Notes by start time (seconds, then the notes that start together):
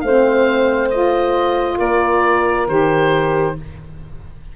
0.00 A3 C4 C5 F5
0.90 F4 D#5
1.78 A#3 A#4 D5
2.67 D#3 G4 C5